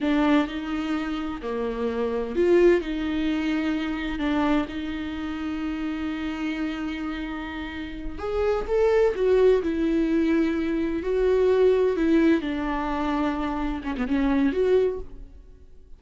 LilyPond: \new Staff \with { instrumentName = "viola" } { \time 4/4 \tempo 4 = 128 d'4 dis'2 ais4~ | ais4 f'4 dis'2~ | dis'4 d'4 dis'2~ | dis'1~ |
dis'4. gis'4 a'4 fis'8~ | fis'8 e'2. fis'8~ | fis'4. e'4 d'4.~ | d'4. cis'16 b16 cis'4 fis'4 | }